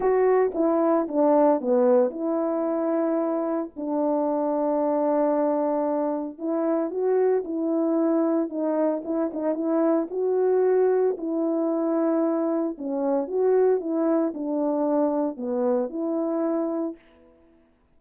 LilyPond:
\new Staff \with { instrumentName = "horn" } { \time 4/4 \tempo 4 = 113 fis'4 e'4 d'4 b4 | e'2. d'4~ | d'1 | e'4 fis'4 e'2 |
dis'4 e'8 dis'8 e'4 fis'4~ | fis'4 e'2. | cis'4 fis'4 e'4 d'4~ | d'4 b4 e'2 | }